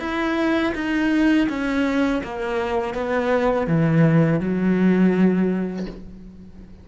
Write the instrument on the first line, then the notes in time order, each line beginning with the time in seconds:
cello
0.00 E4
0.75 D#4
1.49 C#4
2.24 A#3
2.94 B3
3.67 E3
4.40 F#3